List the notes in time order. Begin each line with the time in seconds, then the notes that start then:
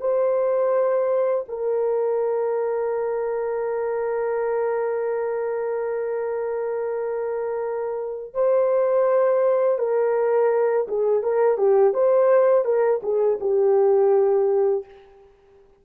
0.00 C5
1.48 A#4
8.33 C5
9.78 A#4
10.88 G#4
11.22 A#4
11.57 G4
11.93 C5
12.64 A#4
13.02 G#4
13.40 G4